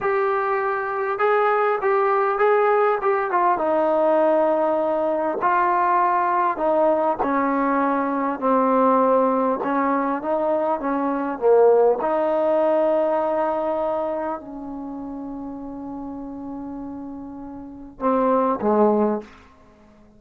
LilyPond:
\new Staff \with { instrumentName = "trombone" } { \time 4/4 \tempo 4 = 100 g'2 gis'4 g'4 | gis'4 g'8 f'8 dis'2~ | dis'4 f'2 dis'4 | cis'2 c'2 |
cis'4 dis'4 cis'4 ais4 | dis'1 | cis'1~ | cis'2 c'4 gis4 | }